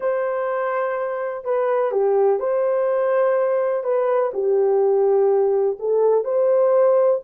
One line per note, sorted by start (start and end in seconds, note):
0.00 1.44 C5
1.44 1.91 B4
1.91 2.39 G4
2.39 3.83 C5
3.83 4.31 B4
4.33 5.77 G4
5.79 6.24 A4
6.24 7.20 C5